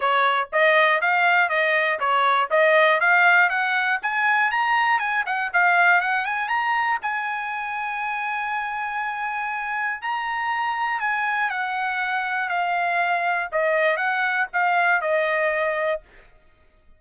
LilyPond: \new Staff \with { instrumentName = "trumpet" } { \time 4/4 \tempo 4 = 120 cis''4 dis''4 f''4 dis''4 | cis''4 dis''4 f''4 fis''4 | gis''4 ais''4 gis''8 fis''8 f''4 | fis''8 gis''8 ais''4 gis''2~ |
gis''1 | ais''2 gis''4 fis''4~ | fis''4 f''2 dis''4 | fis''4 f''4 dis''2 | }